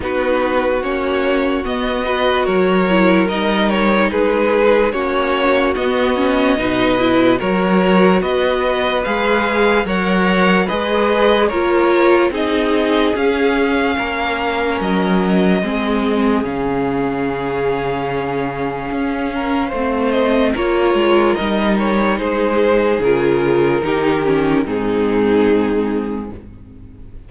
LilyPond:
<<
  \new Staff \with { instrumentName = "violin" } { \time 4/4 \tempo 4 = 73 b'4 cis''4 dis''4 cis''4 | dis''8 cis''8 b'4 cis''4 dis''4~ | dis''4 cis''4 dis''4 f''4 | fis''4 dis''4 cis''4 dis''4 |
f''2 dis''2 | f''1~ | f''8 dis''8 cis''4 dis''8 cis''8 c''4 | ais'2 gis'2 | }
  \new Staff \with { instrumentName = "violin" } { \time 4/4 fis'2~ fis'8 b'8 ais'4~ | ais'4 gis'4 fis'2 | b'4 ais'4 b'2 | cis''4 b'4 ais'4 gis'4~ |
gis'4 ais'2 gis'4~ | gis'2.~ gis'8 ais'8 | c''4 ais'2 gis'4~ | gis'4 g'4 dis'2 | }
  \new Staff \with { instrumentName = "viola" } { \time 4/4 dis'4 cis'4 b8 fis'4 e'8 | dis'2 cis'4 b8 cis'8 | dis'8 e'8 fis'2 gis'4 | ais'4 gis'4 f'4 dis'4 |
cis'2. c'4 | cis'1 | c'4 f'4 dis'2 | f'4 dis'8 cis'8 c'2 | }
  \new Staff \with { instrumentName = "cello" } { \time 4/4 b4 ais4 b4 fis4 | g4 gis4 ais4 b4 | b,4 fis4 b4 gis4 | fis4 gis4 ais4 c'4 |
cis'4 ais4 fis4 gis4 | cis2. cis'4 | a4 ais8 gis8 g4 gis4 | cis4 dis4 gis,2 | }
>>